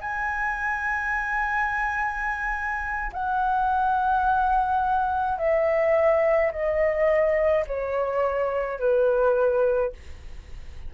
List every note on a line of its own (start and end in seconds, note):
0.00 3.11 G#5
3.12 5.38 F#5
5.38 6.51 E5
6.51 7.65 D#5
7.66 8.79 C#5
8.79 9.92 B4